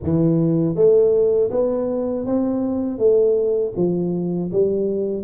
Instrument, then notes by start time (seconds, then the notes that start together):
tuba
0.03 E3
0.75 A3
1.50 B3
2.26 C4
2.98 A3
3.76 F3
4.52 G3